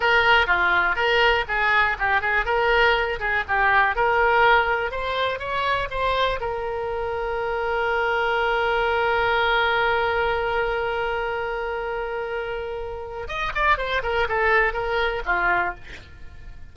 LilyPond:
\new Staff \with { instrumentName = "oboe" } { \time 4/4 \tempo 4 = 122 ais'4 f'4 ais'4 gis'4 | g'8 gis'8 ais'4. gis'8 g'4 | ais'2 c''4 cis''4 | c''4 ais'2.~ |
ais'1~ | ais'1~ | ais'2. dis''8 d''8 | c''8 ais'8 a'4 ais'4 f'4 | }